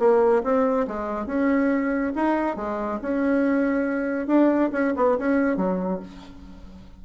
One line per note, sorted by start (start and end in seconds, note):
0.00 0.43 A#3
0.44 0.87 C4
0.88 1.27 G#3
1.27 2.13 C#4
2.16 2.57 D#4
2.57 3.00 G#3
3.02 4.28 C#4
4.28 4.71 D4
4.73 4.94 C#4
4.97 5.18 B3
5.19 5.57 C#4
5.57 6.00 F#3